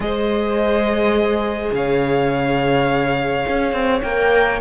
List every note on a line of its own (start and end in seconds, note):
0.00 1.70 G#3
0.00 4.02 G#4
0.00 1.75 C5
0.00 1.73 D#5
1.72 3.45 C#3
1.72 4.60 C#5
1.72 4.02 F5
3.48 3.72 C#4
3.72 4.01 C4
4.02 4.60 A#3
4.02 4.60 A#4
4.02 4.59 G5